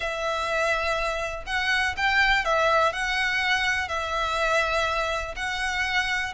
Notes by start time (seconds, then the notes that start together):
0.00 E5
1.46 F#5
1.96 G5
2.44 E5
2.92 F#5
3.88 E5
5.36 F#5